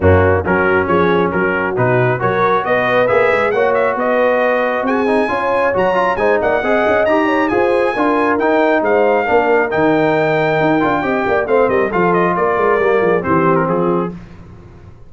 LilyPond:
<<
  \new Staff \with { instrumentName = "trumpet" } { \time 4/4 \tempo 4 = 136 fis'4 ais'4 cis''4 ais'4 | b'4 cis''4 dis''4 e''4 | fis''8 e''8 dis''2 gis''4~ | gis''4 ais''4 gis''8 fis''4. |
ais''4 gis''2 g''4 | f''2 g''2~ | g''2 f''8 dis''8 f''8 dis''8 | d''2 c''8. ais'16 gis'4 | }
  \new Staff \with { instrumentName = "horn" } { \time 4/4 cis'4 fis'4 gis'4 fis'4~ | fis'4 ais'4 b'2 | cis''4 b'2 gis'4 | cis''2 c''8 d''8 dis''4~ |
dis''8 cis''8 c''4 ais'2 | c''4 ais'2.~ | ais'4 dis''8 d''8 c''8 ais'8 a'4 | ais'4. gis'8 g'4 f'4 | }
  \new Staff \with { instrumentName = "trombone" } { \time 4/4 ais4 cis'2. | dis'4 fis'2 gis'4 | fis'2.~ fis'8 dis'8 | f'4 fis'8 f'8 dis'4 gis'4 |
g'4 gis'4 f'4 dis'4~ | dis'4 d'4 dis'2~ | dis'8 f'8 g'4 c'4 f'4~ | f'4 ais4 c'2 | }
  \new Staff \with { instrumentName = "tuba" } { \time 4/4 fis,4 fis4 f4 fis4 | b,4 fis4 b4 ais8 gis8 | ais4 b2 c'4 | cis'4 fis4 gis8 ais8 c'8 cis'8 |
dis'4 f'4 d'4 dis'4 | gis4 ais4 dis2 | dis'8 d'8 c'8 ais8 a8 g8 f4 | ais8 gis8 g8 f8 e4 f4 | }
>>